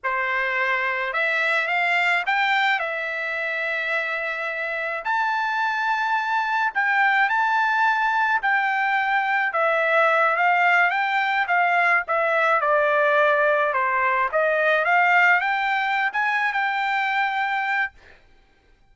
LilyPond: \new Staff \with { instrumentName = "trumpet" } { \time 4/4 \tempo 4 = 107 c''2 e''4 f''4 | g''4 e''2.~ | e''4 a''2. | g''4 a''2 g''4~ |
g''4 e''4. f''4 g''8~ | g''8 f''4 e''4 d''4.~ | d''8 c''4 dis''4 f''4 g''8~ | g''8. gis''8. g''2~ g''8 | }